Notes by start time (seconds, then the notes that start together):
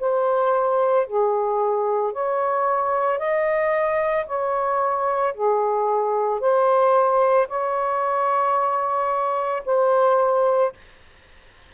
0.00 C5
1.07 G#4
2.13 C#5
3.19 D#5
4.27 C#5
5.34 G#4
6.40 C5
7.49 C#5
9.65 C5